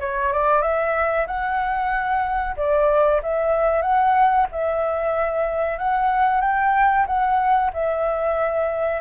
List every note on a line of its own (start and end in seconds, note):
0.00 0.32 C#5
0.33 0.62 D5
0.62 1.26 E5
1.27 2.56 F#5
2.56 3.21 D5
3.23 3.82 E5
3.82 4.46 F#5
4.52 5.78 E5
5.78 6.41 F#5
6.41 7.06 G5
7.06 7.71 F#5
7.74 9.01 E5